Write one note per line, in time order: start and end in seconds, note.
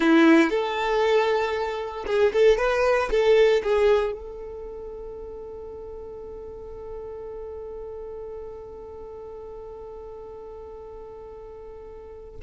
0.00 0.50 E4
0.50 2.05 A4
2.06 2.32 G#4
2.32 2.57 A4
2.57 3.09 B4
3.10 3.62 A4
3.63 4.12 G#4
4.12 12.40 A4